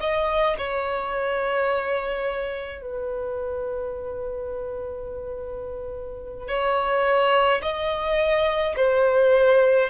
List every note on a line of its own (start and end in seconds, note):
0.00 0.57 D#5
0.58 2.81 C#5
2.81 6.48 B4
6.48 7.61 C#5
7.62 8.75 D#5
8.76 9.90 C5